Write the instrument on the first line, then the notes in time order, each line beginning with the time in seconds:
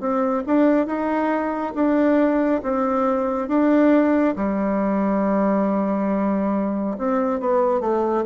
bassoon
0.00 C4
0.47 D4
0.86 D#4
1.75 D4
2.63 C4
3.48 D4
4.36 G3
6.98 C4
7.40 B3
7.81 A3